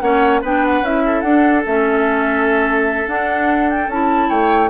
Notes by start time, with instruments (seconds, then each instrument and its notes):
0.00 bassoon A#3, clarinet C#4, oboe C#5, flute F#5
0.42 bassoon B3, clarinet D4, oboe B4, flute G5
0.66 flute F#5
0.81 bassoon C#4, clarinet E4, flute E5
1.06 oboe A4
1.21 bassoon D4, clarinet D4, flute F#5
1.66 bassoon A3, clarinet C#4, flute E5
3.07 bassoon D4, clarinet D4, flute F#5
3.69 flute G5
3.88 bassoon C#4, clarinet E4, flute A5
4.29 bassoon A3, oboe C#5, flute G5